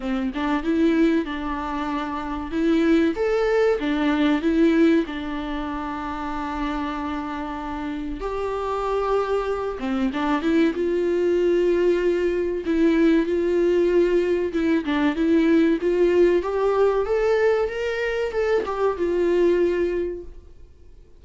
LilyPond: \new Staff \with { instrumentName = "viola" } { \time 4/4 \tempo 4 = 95 c'8 d'8 e'4 d'2 | e'4 a'4 d'4 e'4 | d'1~ | d'4 g'2~ g'8 c'8 |
d'8 e'8 f'2. | e'4 f'2 e'8 d'8 | e'4 f'4 g'4 a'4 | ais'4 a'8 g'8 f'2 | }